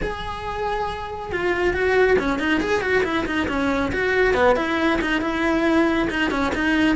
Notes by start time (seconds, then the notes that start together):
0.01 G#4
1.32 F4
1.73 F#4
2.18 C#4
2.39 D#4
2.60 G#4
2.81 F#4
3.03 E4
3.26 D#4
3.48 C#4
3.92 F#4
4.34 B3
4.56 E4
5.01 D#4
5.21 E4
6.10 D#4
6.30 C#4
6.54 D#4